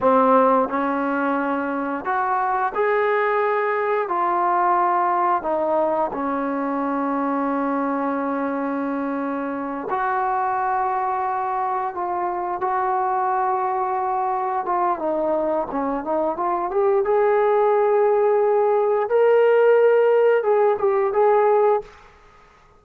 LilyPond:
\new Staff \with { instrumentName = "trombone" } { \time 4/4 \tempo 4 = 88 c'4 cis'2 fis'4 | gis'2 f'2 | dis'4 cis'2.~ | cis'2~ cis'8 fis'4.~ |
fis'4. f'4 fis'4.~ | fis'4. f'8 dis'4 cis'8 dis'8 | f'8 g'8 gis'2. | ais'2 gis'8 g'8 gis'4 | }